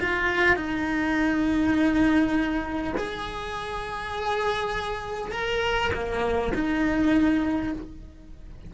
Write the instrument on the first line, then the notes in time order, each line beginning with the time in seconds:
cello
0.00 F4
0.56 D#4
2.97 G#4
5.31 A#4
5.94 A#3
6.54 D#4